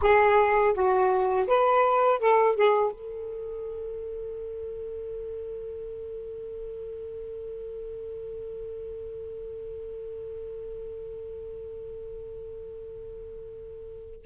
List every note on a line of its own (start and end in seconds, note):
0.01 0.73 G#4
0.73 1.46 F#4
1.47 2.19 B4
2.19 2.55 A4
2.55 2.91 G#4
2.91 14.25 A4